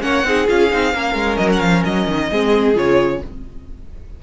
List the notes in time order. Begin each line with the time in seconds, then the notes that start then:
0.00 A#3 C#4 C#5 F#5
0.23 C4 D#4 G#4
0.47 C#4 F4 F5
0.70 C4 D#4
0.93 A#3 C#4 A#4
1.14 G#3
1.37 F#3 D#5
1.52 F#5
1.60 F3 F5
1.85 F#3 D#5
2.07 D#3
2.30 G#3 C4 G#4
2.74 C#3 F4 C#5